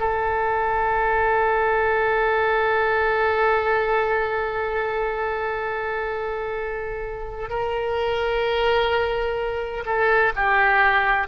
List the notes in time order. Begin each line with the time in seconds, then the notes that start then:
0.00 A4
7.50 A#4
9.86 A4
10.36 G4